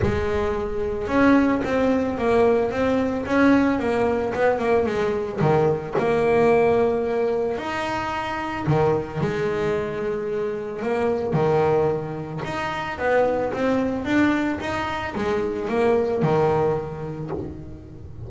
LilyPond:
\new Staff \with { instrumentName = "double bass" } { \time 4/4 \tempo 4 = 111 gis2 cis'4 c'4 | ais4 c'4 cis'4 ais4 | b8 ais8 gis4 dis4 ais4~ | ais2 dis'2 |
dis4 gis2. | ais4 dis2 dis'4 | b4 c'4 d'4 dis'4 | gis4 ais4 dis2 | }